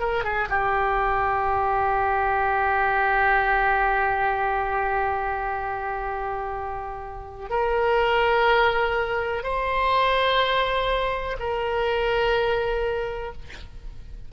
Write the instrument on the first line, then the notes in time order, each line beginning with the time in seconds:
oboe
0.00 A#4
0.24 G#4
0.49 G4
7.50 A#4
9.44 C5
11.39 A#4